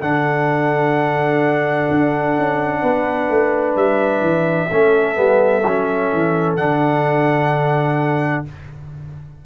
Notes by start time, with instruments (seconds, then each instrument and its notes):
0.00 tuba D3, trombone D4, horn A4, trumpet F#5
1.91 tuba D4
2.38 tuba C#4
2.81 tuba B3, horn B4
3.29 tuba A3
3.76 tuba G3, trumpet E5
4.21 tuba E3
4.69 tuba A3, trombone C#4, horn A4
5.15 tuba G3, trombone B3
5.66 tuba F#3, trombone C#4
6.13 tuba E3
6.56 tuba D3, trombone D4, trumpet F#5